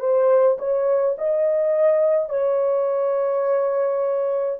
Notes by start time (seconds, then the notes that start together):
0.00 C5
0.58 C#5
1.18 D#5
2.29 C#5